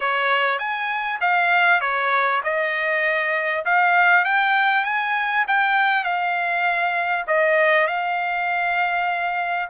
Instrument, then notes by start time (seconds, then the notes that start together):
trumpet
0.00 C#5
0.58 G#5
1.20 F5
1.80 C#5
2.43 D#5
3.65 F5
4.24 G5
4.84 G#5
5.47 G5
6.04 F5
7.27 D#5
7.87 F5